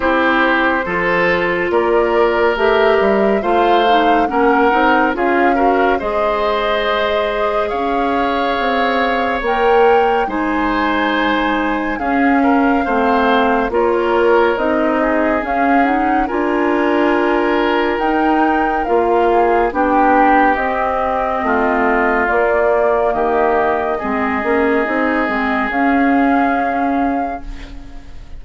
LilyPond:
<<
  \new Staff \with { instrumentName = "flute" } { \time 4/4 \tempo 4 = 70 c''2 d''4 e''4 | f''4 fis''4 f''4 dis''4~ | dis''4 f''2 g''4 | gis''2 f''2 |
cis''4 dis''4 f''8 fis''8 gis''4~ | gis''4 g''4 f''4 g''4 | dis''2 d''4 dis''4~ | dis''2 f''2 | }
  \new Staff \with { instrumentName = "oboe" } { \time 4/4 g'4 a'4 ais'2 | c''4 ais'4 gis'8 ais'8 c''4~ | c''4 cis''2. | c''2 gis'8 ais'8 c''4 |
ais'4. gis'4. ais'4~ | ais'2~ ais'8 gis'8 g'4~ | g'4 f'2 g'4 | gis'1 | }
  \new Staff \with { instrumentName = "clarinet" } { \time 4/4 e'4 f'2 g'4 | f'8 dis'8 cis'8 dis'8 f'8 fis'8 gis'4~ | gis'2. ais'4 | dis'2 cis'4 c'4 |
f'4 dis'4 cis'8 dis'8 f'4~ | f'4 dis'4 f'4 d'4 | c'2 ais2 | c'8 cis'8 dis'8 c'8 cis'2 | }
  \new Staff \with { instrumentName = "bassoon" } { \time 4/4 c'4 f4 ais4 a8 g8 | a4 ais8 c'8 cis'4 gis4~ | gis4 cis'4 c'4 ais4 | gis2 cis'4 a4 |
ais4 c'4 cis'4 d'4~ | d'4 dis'4 ais4 b4 | c'4 a4 ais4 dis4 | gis8 ais8 c'8 gis8 cis'2 | }
>>